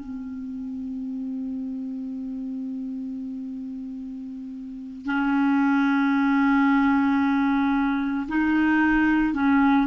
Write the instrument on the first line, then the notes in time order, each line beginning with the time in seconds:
clarinet
0.00 C4
5.06 C#4
8.28 D#4
9.34 C#4